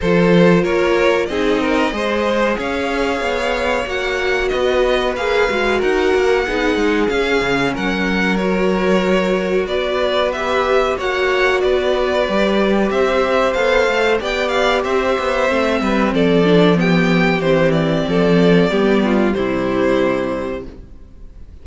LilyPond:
<<
  \new Staff \with { instrumentName = "violin" } { \time 4/4 \tempo 4 = 93 c''4 cis''4 dis''2 | f''2 fis''4 dis''4 | f''4 fis''2 f''4 | fis''4 cis''2 d''4 |
e''4 fis''4 d''2 | e''4 f''4 g''8 f''8 e''4~ | e''4 d''4 g''4 c''8 d''8~ | d''2 c''2 | }
  \new Staff \with { instrumentName = "violin" } { \time 4/4 a'4 ais'4 gis'8 ais'8 c''4 | cis''2. b'4~ | b'4 ais'4 gis'2 | ais'2. b'4~ |
b'4 cis''4 b'2 | c''2 d''4 c''4~ | c''8 b'8 a'4 g'2 | a'4 g'8 f'8 e'2 | }
  \new Staff \with { instrumentName = "viola" } { \time 4/4 f'2 dis'4 gis'4~ | gis'2 fis'2 | gis'8 fis'4. dis'4 cis'4~ | cis'4 fis'2. |
g'4 fis'2 g'4~ | g'4 a'4 g'2 | c'4. d'8 b4 c'4~ | c'4 b4 g2 | }
  \new Staff \with { instrumentName = "cello" } { \time 4/4 f4 ais4 c'4 gis4 | cis'4 b4 ais4 b4 | ais8 gis8 dis'8 ais8 b8 gis8 cis'8 cis8 | fis2. b4~ |
b4 ais4 b4 g4 | c'4 b8 a8 b4 c'8 b8 | a8 g8 f2 e4 | f4 g4 c2 | }
>>